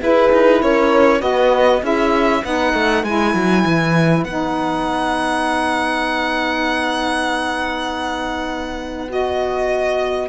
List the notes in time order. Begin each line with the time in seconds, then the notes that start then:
0.00 E4 G#4 B4
0.32 D#4
0.62 C#4 A#4 C#5
1.19 B3 F#4 B4 D#5
1.81 C#4 E4 G#4 E5
2.42 B3 D#4 B4 F#5
2.73 A3
3.03 G#3 E4 G#5
3.34 F#3
3.65 E3
4.24 B3 D#4 F#5
9.08 F#4 D#5